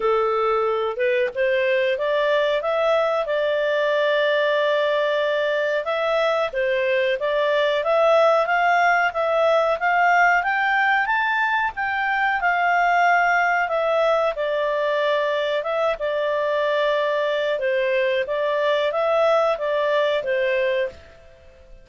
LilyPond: \new Staff \with { instrumentName = "clarinet" } { \time 4/4 \tempo 4 = 92 a'4. b'8 c''4 d''4 | e''4 d''2.~ | d''4 e''4 c''4 d''4 | e''4 f''4 e''4 f''4 |
g''4 a''4 g''4 f''4~ | f''4 e''4 d''2 | e''8 d''2~ d''8 c''4 | d''4 e''4 d''4 c''4 | }